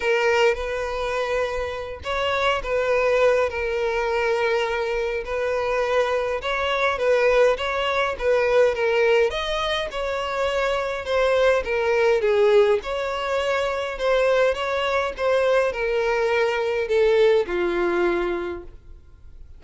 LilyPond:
\new Staff \with { instrumentName = "violin" } { \time 4/4 \tempo 4 = 103 ais'4 b'2~ b'8 cis''8~ | cis''8 b'4. ais'2~ | ais'4 b'2 cis''4 | b'4 cis''4 b'4 ais'4 |
dis''4 cis''2 c''4 | ais'4 gis'4 cis''2 | c''4 cis''4 c''4 ais'4~ | ais'4 a'4 f'2 | }